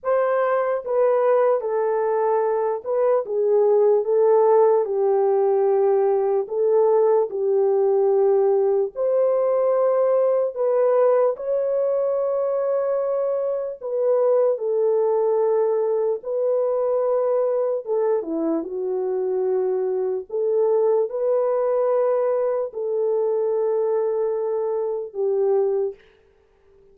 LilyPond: \new Staff \with { instrumentName = "horn" } { \time 4/4 \tempo 4 = 74 c''4 b'4 a'4. b'8 | gis'4 a'4 g'2 | a'4 g'2 c''4~ | c''4 b'4 cis''2~ |
cis''4 b'4 a'2 | b'2 a'8 e'8 fis'4~ | fis'4 a'4 b'2 | a'2. g'4 | }